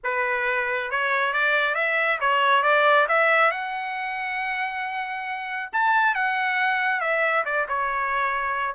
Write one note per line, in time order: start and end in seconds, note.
0.03 0.90 B4
0.90 1.33 C#5
1.33 1.74 D5
1.74 2.18 E5
2.20 2.63 C#5
2.63 3.06 D5
3.08 3.51 E5
3.51 5.70 F#5
5.73 6.14 A5
6.14 7.00 F#5
7.00 7.44 E5
7.45 7.67 D5
7.68 8.75 C#5